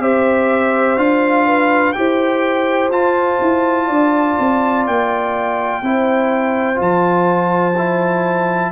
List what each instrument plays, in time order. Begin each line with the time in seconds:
0.00 tuba C4, trombone G4, horn C5, trumpet E5
0.97 tuba D4, trombone F4, trumpet F5
1.46 horn B4
1.93 tuba E4, trombone G4, horn C5, trumpet G5
2.90 tuba F4, trombone F4, trumpet A5
3.41 tuba E4
3.87 tuba D4, horn D5
4.39 tuba C4
4.87 tuba A#3, trumpet G5
5.82 tuba C4, trombone E4, horn C5
6.75 tuba F3, trombone F4, trumpet A5
7.78 trombone E4